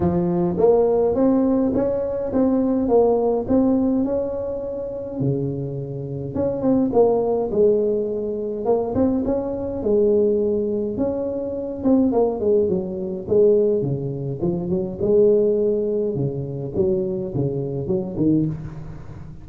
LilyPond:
\new Staff \with { instrumentName = "tuba" } { \time 4/4 \tempo 4 = 104 f4 ais4 c'4 cis'4 | c'4 ais4 c'4 cis'4~ | cis'4 cis2 cis'8 c'8 | ais4 gis2 ais8 c'8 |
cis'4 gis2 cis'4~ | cis'8 c'8 ais8 gis8 fis4 gis4 | cis4 f8 fis8 gis2 | cis4 fis4 cis4 fis8 dis8 | }